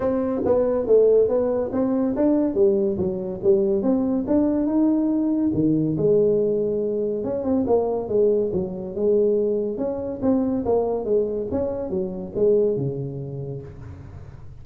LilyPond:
\new Staff \with { instrumentName = "tuba" } { \time 4/4 \tempo 4 = 141 c'4 b4 a4 b4 | c'4 d'4 g4 fis4 | g4 c'4 d'4 dis'4~ | dis'4 dis4 gis2~ |
gis4 cis'8 c'8 ais4 gis4 | fis4 gis2 cis'4 | c'4 ais4 gis4 cis'4 | fis4 gis4 cis2 | }